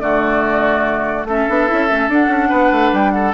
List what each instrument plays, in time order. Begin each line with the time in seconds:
0.00 bassoon D3, clarinet A3, oboe F#4, flute D5
1.24 bassoon A3, clarinet C#4, oboe A4, flute E5
1.49 bassoon B3, clarinet D4
1.67 bassoon C#4, clarinet E4
1.89 bassoon A3, clarinet C#4
2.09 bassoon D4, clarinet D4, flute F#5
2.28 bassoon C#4
2.49 bassoon B3, oboe B4
2.71 bassoon A3
2.92 bassoon G3, flute G5
3.11 oboe A4, flute F#5